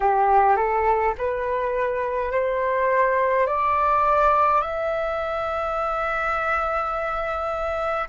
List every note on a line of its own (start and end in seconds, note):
0.00 0.56 G4
0.56 1.14 A4
1.18 2.31 B4
2.31 3.46 C5
3.46 4.62 D5
4.62 8.08 E5